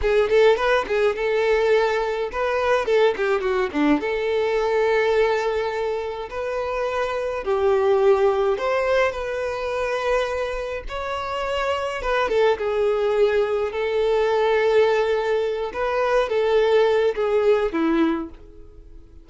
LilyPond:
\new Staff \with { instrumentName = "violin" } { \time 4/4 \tempo 4 = 105 gis'8 a'8 b'8 gis'8 a'2 | b'4 a'8 g'8 fis'8 d'8 a'4~ | a'2. b'4~ | b'4 g'2 c''4 |
b'2. cis''4~ | cis''4 b'8 a'8 gis'2 | a'2.~ a'8 b'8~ | b'8 a'4. gis'4 e'4 | }